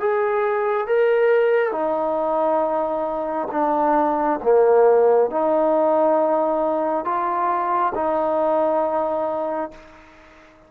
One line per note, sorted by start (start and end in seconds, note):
0.00 0.87 G#4
0.87 1.71 A#4
1.71 3.48 D#4
3.51 4.40 D4
4.43 5.30 A#3
5.30 7.05 D#4
7.05 7.93 F4
7.95 9.71 D#4